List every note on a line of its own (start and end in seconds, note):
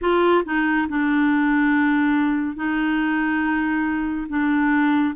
0.01 0.44 F4
0.44 0.87 D#4
0.88 2.56 D4
2.56 4.27 D#4
4.28 5.14 D4